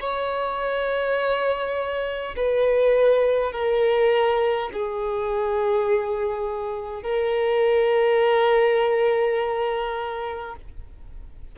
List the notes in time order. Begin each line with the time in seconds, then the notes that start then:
0.00 C#5
2.36 B4
3.52 A#4
4.73 G#4
7.03 A#4